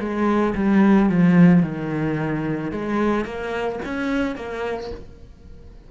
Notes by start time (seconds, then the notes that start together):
0.00 G#3
0.55 G3
1.10 F3
1.63 D#3
2.71 G#3
3.25 A#3
3.85 C#4
4.36 A#3